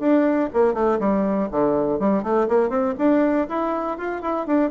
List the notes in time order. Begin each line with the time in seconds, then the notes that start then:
0.00 D4
0.53 A#3
0.74 A3
1.00 G3
1.51 D3
1.99 G3
2.23 A3
2.48 A#3
2.70 C4
2.99 D4
3.49 E4
3.98 F4
4.22 E4
4.47 D4